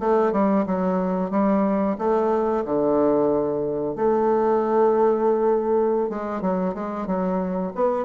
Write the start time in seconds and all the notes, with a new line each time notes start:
0.00 A3
0.32 G3
0.67 F#3
1.31 G3
1.99 A3
2.65 D3
3.96 A3
6.10 G#3
6.42 F#3
6.74 G#3
7.07 F#3
7.75 B3